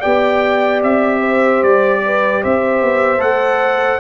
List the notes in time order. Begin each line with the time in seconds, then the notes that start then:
0.00 B3 G4 D5 G5
0.83 C4 E5
1.21 C5
1.63 G3 D5
2.05 B4
2.43 C4 C5 E5
2.82 B3
3.19 A3 A4 F#5